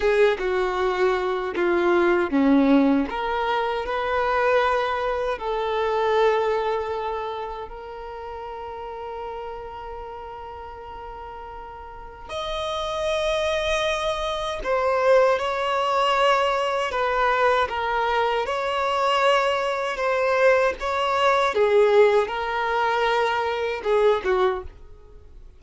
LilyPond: \new Staff \with { instrumentName = "violin" } { \time 4/4 \tempo 4 = 78 gis'8 fis'4. f'4 cis'4 | ais'4 b'2 a'4~ | a'2 ais'2~ | ais'1 |
dis''2. c''4 | cis''2 b'4 ais'4 | cis''2 c''4 cis''4 | gis'4 ais'2 gis'8 fis'8 | }